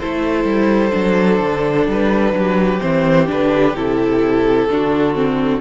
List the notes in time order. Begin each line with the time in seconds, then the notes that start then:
0.00 A3 E4 A4 C5
0.45 G3
0.92 F#3 D4
1.41 D3
1.87 G3 B4
2.33 F#3 G4
2.81 E3 C4 C5
3.28 D3 D4 B4
3.76 C3 E4 A4
4.71 D3 D4 F#4
5.15 C4